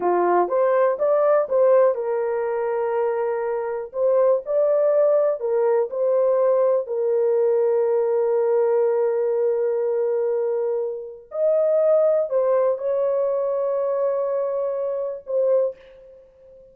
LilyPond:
\new Staff \with { instrumentName = "horn" } { \time 4/4 \tempo 4 = 122 f'4 c''4 d''4 c''4 | ais'1 | c''4 d''2 ais'4 | c''2 ais'2~ |
ais'1~ | ais'2. dis''4~ | dis''4 c''4 cis''2~ | cis''2. c''4 | }